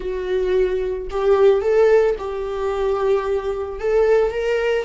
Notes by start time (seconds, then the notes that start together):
0.00 F#4
1.10 G4
1.61 A4
2.18 G4
3.79 A4
4.31 A#4